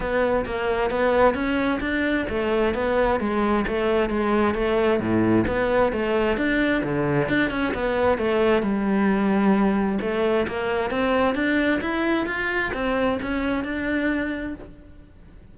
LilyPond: \new Staff \with { instrumentName = "cello" } { \time 4/4 \tempo 4 = 132 b4 ais4 b4 cis'4 | d'4 a4 b4 gis4 | a4 gis4 a4 a,4 | b4 a4 d'4 d4 |
d'8 cis'8 b4 a4 g4~ | g2 a4 ais4 | c'4 d'4 e'4 f'4 | c'4 cis'4 d'2 | }